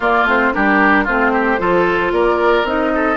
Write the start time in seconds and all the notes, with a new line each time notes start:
0.00 A#3 F4 D5
0.24 A3 C4 C5
0.53 G3 D4 G4 A#4
1.04 A3 C4 F4 C5
1.33 G4
1.58 F3 F4 A4
2.12 A#3 A#4 D5
2.63 C4 D#4 D#5
2.94 A4